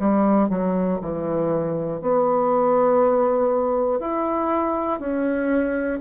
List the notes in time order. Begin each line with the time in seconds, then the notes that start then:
0.00 G3
0.50 F#3
1.02 E3
2.01 B3
4.00 E4
5.00 C#4